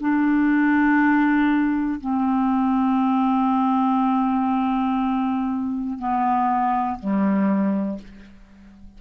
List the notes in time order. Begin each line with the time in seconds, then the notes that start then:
0.00 D4
2.00 C4
5.99 B3
6.99 G3